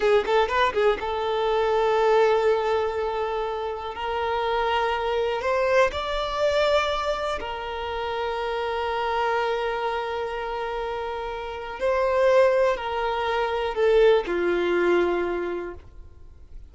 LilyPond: \new Staff \with { instrumentName = "violin" } { \time 4/4 \tempo 4 = 122 gis'8 a'8 b'8 gis'8 a'2~ | a'1 | ais'2. c''4 | d''2. ais'4~ |
ais'1~ | ais'1 | c''2 ais'2 | a'4 f'2. | }